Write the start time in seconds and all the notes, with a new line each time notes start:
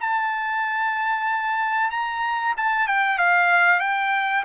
0.00 A5
1.90 A#5
2.56 A5
2.87 G5
3.18 F5
3.80 G5